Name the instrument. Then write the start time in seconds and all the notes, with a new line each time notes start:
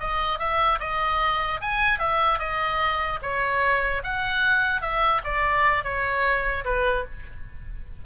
oboe
0.00 D#5
0.39 E5
0.80 D#5
1.61 G#5
1.99 E5
2.39 D#5
3.22 C#5
4.03 F#5
4.81 E5
5.24 D5
5.84 C#5
6.65 B4